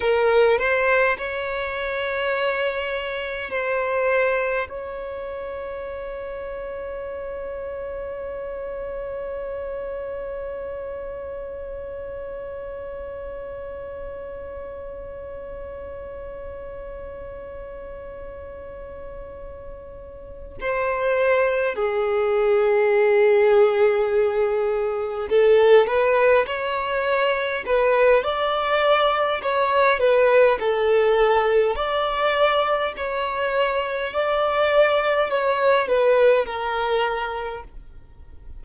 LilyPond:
\new Staff \with { instrumentName = "violin" } { \time 4/4 \tempo 4 = 51 ais'8 c''8 cis''2 c''4 | cis''1~ | cis''1~ | cis''1~ |
cis''4. c''4 gis'4.~ | gis'4. a'8 b'8 cis''4 b'8 | d''4 cis''8 b'8 a'4 d''4 | cis''4 d''4 cis''8 b'8 ais'4 | }